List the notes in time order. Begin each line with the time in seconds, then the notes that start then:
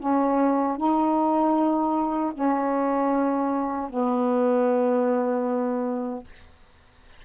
0.00 C#4
0.78 D#4
2.34 C#4
3.91 B3